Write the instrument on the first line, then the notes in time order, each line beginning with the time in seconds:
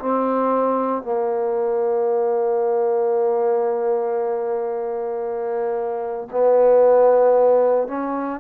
trombone
0.00 C4
1.03 A#3
6.32 B3
7.88 C#4